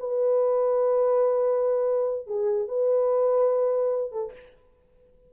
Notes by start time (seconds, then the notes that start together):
0.00 B4
2.27 G#4
2.68 B4
4.12 A4